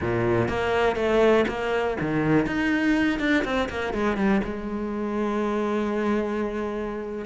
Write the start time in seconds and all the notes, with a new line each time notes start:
0.01 A#2
0.48 A#3
0.96 A3
1.48 A#3
2.00 D#3
2.46 D#4
3.19 D4
3.44 C4
3.69 A#3
3.93 G#3
4.16 G3
4.44 G#3